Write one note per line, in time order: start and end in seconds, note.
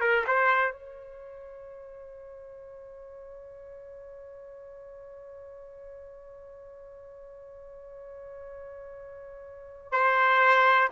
0.00 0.24 A#4
0.27 0.72 C5
0.72 9.91 C#5
9.91 10.88 C5